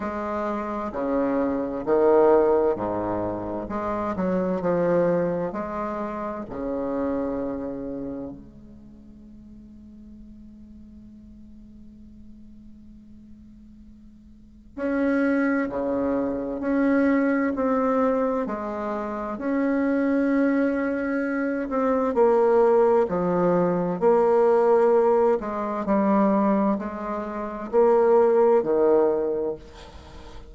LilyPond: \new Staff \with { instrumentName = "bassoon" } { \time 4/4 \tempo 4 = 65 gis4 cis4 dis4 gis,4 | gis8 fis8 f4 gis4 cis4~ | cis4 gis2.~ | gis1 |
cis'4 cis4 cis'4 c'4 | gis4 cis'2~ cis'8 c'8 | ais4 f4 ais4. gis8 | g4 gis4 ais4 dis4 | }